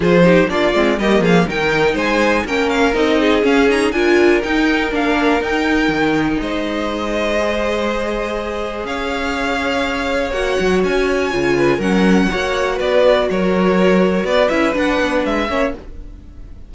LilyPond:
<<
  \new Staff \with { instrumentName = "violin" } { \time 4/4 \tempo 4 = 122 c''4 d''4 dis''8 f''8 g''4 | gis''4 g''8 f''8 dis''4 f''8 ais''8 | gis''4 g''4 f''4 g''4~ | g''4 dis''2.~ |
dis''2 f''2~ | f''4 fis''4 gis''2 | fis''2 d''4 cis''4~ | cis''4 d''8 e''8 fis''4 e''4 | }
  \new Staff \with { instrumentName = "violin" } { \time 4/4 gis'8 g'8 f'4 g'8 gis'8 ais'4 | c''4 ais'4. gis'4. | ais'1~ | ais'4 c''2.~ |
c''2 cis''2~ | cis''2.~ cis''8 b'8 | ais'4 cis''4 b'4 ais'4~ | ais'4 b'2~ b'8 cis''8 | }
  \new Staff \with { instrumentName = "viola" } { \time 4/4 f'8 dis'8 d'8 c'8 ais4 dis'4~ | dis'4 cis'4 dis'4 cis'8 dis'8 | f'4 dis'4 d'4 dis'4~ | dis'2. gis'4~ |
gis'1~ | gis'4 fis'2 f'4 | cis'4 fis'2.~ | fis'4. e'8 d'4. cis'8 | }
  \new Staff \with { instrumentName = "cello" } { \time 4/4 f4 ais8 gis8 g8 f8 dis4 | gis4 ais4 c'4 cis'4 | d'4 dis'4 ais4 dis'4 | dis4 gis2.~ |
gis2 cis'2~ | cis'4 ais8 fis8 cis'4 cis4 | fis4 ais4 b4 fis4~ | fis4 b8 cis'8 d'8 b8 gis8 ais8 | }
>>